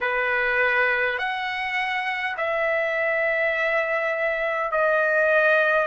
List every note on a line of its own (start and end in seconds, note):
0.01 1.18 B4
1.18 2.36 F#5
2.37 4.71 E5
4.71 5.86 D#5